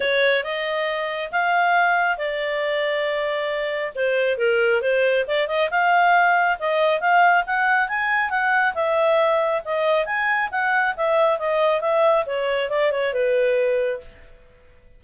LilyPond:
\new Staff \with { instrumentName = "clarinet" } { \time 4/4 \tempo 4 = 137 cis''4 dis''2 f''4~ | f''4 d''2.~ | d''4 c''4 ais'4 c''4 | d''8 dis''8 f''2 dis''4 |
f''4 fis''4 gis''4 fis''4 | e''2 dis''4 gis''4 | fis''4 e''4 dis''4 e''4 | cis''4 d''8 cis''8 b'2 | }